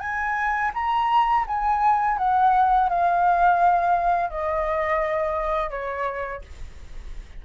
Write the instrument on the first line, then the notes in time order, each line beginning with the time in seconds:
flute
0.00 G#5
0.74 A#5
1.47 G#5
2.18 F#5
2.89 F5
4.30 D#5
5.70 C#5